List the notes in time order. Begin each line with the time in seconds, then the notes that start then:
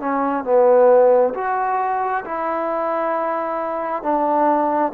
0.00 C#4
0.44 B3
1.34 F#4
2.25 E4
4.03 D4